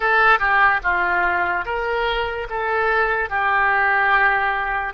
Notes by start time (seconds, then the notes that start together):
0.00 A4
0.39 G4
0.83 F4
1.65 A#4
2.49 A4
3.29 G4